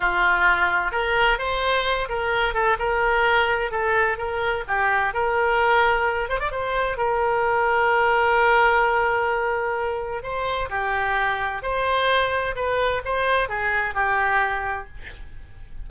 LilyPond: \new Staff \with { instrumentName = "oboe" } { \time 4/4 \tempo 4 = 129 f'2 ais'4 c''4~ | c''8 ais'4 a'8 ais'2 | a'4 ais'4 g'4 ais'4~ | ais'4. c''16 d''16 c''4 ais'4~ |
ais'1~ | ais'2 c''4 g'4~ | g'4 c''2 b'4 | c''4 gis'4 g'2 | }